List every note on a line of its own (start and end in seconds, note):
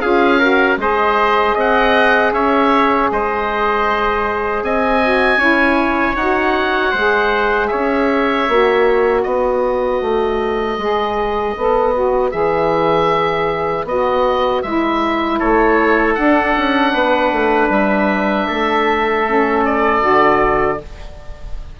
0.00 0.77 C#4
0.00 0.40 F4
0.00 0.39 G#4
0.00 0.77 F5
0.39 0.78 F#4
0.39 0.77 A#4
0.77 1.54 G#3
0.77 5.01 G#4
0.77 1.54 C5
0.77 1.57 D#5
1.54 2.32 C4
1.54 2.31 D#5
1.54 2.33 F#5
2.32 3.09 C#4
2.32 3.10 C#5
2.32 3.10 E5
3.11 4.62 G#3
3.11 4.64 C5
3.11 4.63 D#5
4.62 5.36 C4
4.62 5.38 D#5
4.62 6.16 G#5
5.02 5.38 F#4
5.36 6.13 C#4
5.36 6.15 E4
5.36 6.91 C#5
6.15 6.92 D#4
6.15 6.95 F#4
6.15 7.67 F#5
6.91 7.70 G#3
6.91 8.48 G#4
6.91 7.68 C5
7.67 8.48 C#4
7.67 9.23 C#5
7.67 9.21 E5
8.48 9.25 A#3
8.48 10.78 F#4
9.23 10.01 B3
9.23 15.38 B4
9.23 12.31 D#5
10.01 10.78 A3
10.78 11.54 G#3
10.78 11.55 G#4
11.56 12.33 B3
11.56 11.94 A4
11.94 12.31 F#4
12.31 13.84 E3
12.31 13.85 G#4
12.31 13.85 E5
13.84 14.61 B3
13.84 14.64 F#4
13.84 14.62 D#5
14.62 15.40 G#3
14.62 16.17 E4
14.62 15.39 E5
15.38 16.17 A3
15.38 16.92 A4
15.38 16.14 C#5
16.14 19.25 D4
16.14 16.55 D4
16.14 17.68 F#5
16.57 16.93 C#4
16.93 17.32 B3
16.93 18.47 B4
17.32 17.69 A3
17.69 18.46 G3
17.69 19.64 E5
18.47 20.03 A3
18.47 20.78 A4
19.25 20.00 C#4
19.65 20.80 D5
20.00 20.79 D3
20.00 20.77 F#4